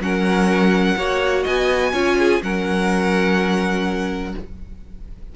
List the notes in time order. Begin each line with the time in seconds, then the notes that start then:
0.00 F#3 C#4 A#4 F#5
0.97 A#3 F#4 C#5
1.44 B3 D#5 G#5
1.93 C#4 F4 C#5
2.19 G#4
2.43 F#3 C#4 A#4 F#5